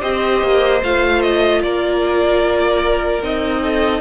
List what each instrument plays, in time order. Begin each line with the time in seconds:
0.00 cello C4, viola G4, violin C5 D#5
0.42 cello A#3
0.83 cello A3, viola F4, violin F5
1.22 violin D#5
1.62 cello A#3, violin A#4 D5
3.23 cello C4, viola D#4, violin D#5
3.61 violin A4